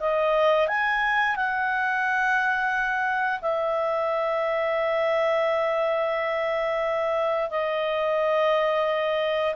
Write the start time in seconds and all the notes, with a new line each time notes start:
0.00 D#5
0.68 G#5
1.36 F#5
3.42 E5
7.50 D#5